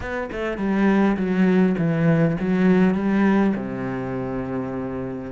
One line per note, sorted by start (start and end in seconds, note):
0.00 0.29 B3
0.32 0.57 A3
0.57 1.16 G3
1.16 1.75 F#3
1.78 2.36 E3
2.40 2.94 F#3
2.94 3.53 G3
3.56 5.32 C3